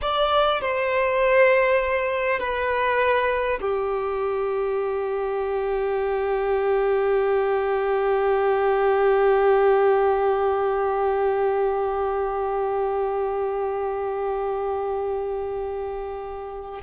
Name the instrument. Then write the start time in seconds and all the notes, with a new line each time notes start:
violin
0.01 D5
0.61 C5
2.39 B4
3.61 G4